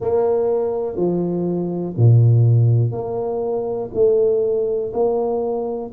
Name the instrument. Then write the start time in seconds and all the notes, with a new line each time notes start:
tuba
0.00 A#3
0.96 F3
1.96 A#2
2.92 A#3
3.93 A3
4.93 A#3